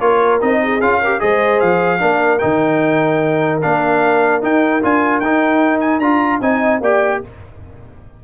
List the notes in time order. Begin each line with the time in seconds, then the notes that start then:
0.00 A#3 F4 A#4 C#5
0.41 C4 D#4 D#5
0.64 G#4
0.81 C#4 F4 F5
1.02 G4 A#4
1.20 G#3 G#4 C5 D#5
1.60 F3 F5
1.99 A#3 D4 A#4
2.39 D#3 D#4 G5
3.62 A#3 D4 F5
4.42 D#4 G5
4.83 D4 F4 G#5
5.20 D#4 G5
5.81 G#5
6.00 D4 F4 A#5
6.41 C4 D#4 D#5 G#5
6.81 A#3 G4 D5 G5